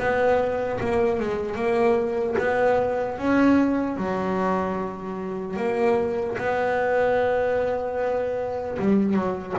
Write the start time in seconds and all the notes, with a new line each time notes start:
0.00 B3
0.80 A#3
1.20 G#3
1.56 A#3
2.39 B3
3.19 C#4
3.97 F#3
5.57 A#3
6.38 B3
8.80 G3
9.14 F#3